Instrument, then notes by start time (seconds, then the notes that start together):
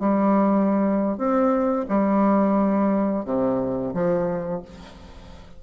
bassoon
0.00 G3
1.18 C4
1.89 G3
3.25 C3
3.94 F3